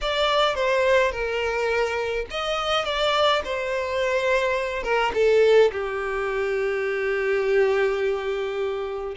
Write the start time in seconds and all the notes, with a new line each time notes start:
0.01 D5
0.54 C5
1.11 A#4
2.30 D#5
2.84 D5
3.44 C5
4.83 A#4
5.14 A4
5.72 G4